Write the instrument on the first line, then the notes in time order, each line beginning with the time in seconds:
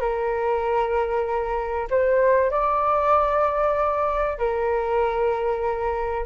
flute
0.00 A#4
1.90 C5
2.50 D5
4.38 A#4